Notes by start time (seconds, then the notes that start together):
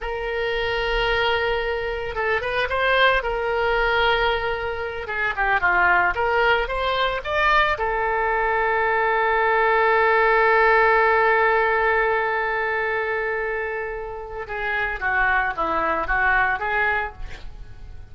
0.01 A#4
2.15 A4
2.41 B4
2.69 C5
3.22 A#4
5.07 G#4
5.36 G4
5.60 F4
6.15 A#4
6.67 C5
7.23 D5
7.78 A4
14.47 G#4
15.00 F#4
15.56 E4
16.07 F#4
16.59 G#4